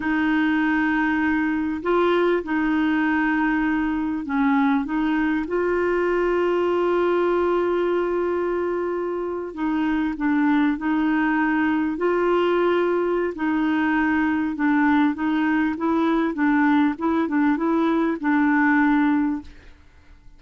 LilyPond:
\new Staff \with { instrumentName = "clarinet" } { \time 4/4 \tempo 4 = 99 dis'2. f'4 | dis'2. cis'4 | dis'4 f'2.~ | f'2.~ f'8. dis'16~ |
dis'8. d'4 dis'2 f'16~ | f'2 dis'2 | d'4 dis'4 e'4 d'4 | e'8 d'8 e'4 d'2 | }